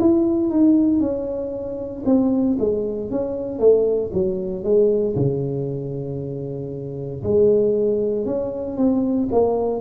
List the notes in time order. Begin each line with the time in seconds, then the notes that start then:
0.00 E4
0.50 D#4
1.00 C#4
2.06 C4
2.60 G#3
3.11 C#4
3.60 A3
4.13 F#3
4.64 G#3
5.16 C#3
7.24 G#3
8.26 C#4
8.77 C4
9.32 A#3